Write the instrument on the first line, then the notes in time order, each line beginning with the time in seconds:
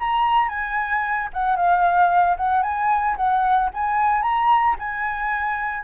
flute
0.00 A#5
0.49 G#5
1.34 F#5
1.57 F5
2.37 F#5
2.63 G#5
3.17 F#5
3.74 G#5
4.22 A#5
4.79 G#5